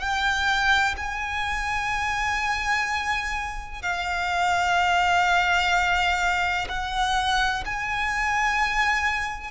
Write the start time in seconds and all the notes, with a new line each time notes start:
0.00 G5
0.97 G#5
3.82 F5
6.69 F#5
7.66 G#5